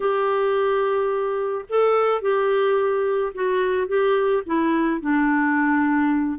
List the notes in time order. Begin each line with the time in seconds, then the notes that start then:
0.00 G4
1.69 A4
2.21 G4
3.34 F#4
3.87 G4
4.46 E4
5.01 D4